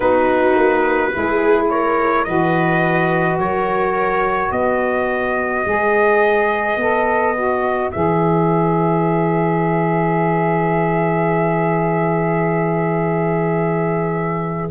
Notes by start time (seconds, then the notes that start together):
0.00 B3 D#4 F#4 B4
0.55 A#3
1.12 G#3 E4 G#4
1.69 A#4 C#5
2.24 E3 F#4 B4 D#5
3.38 F#3 A#4 C#5
4.51 B3 B4 D#5
5.65 G#3 G#4
6.76 B3 A4
7.35 F#4
7.91 E3 G#4 E5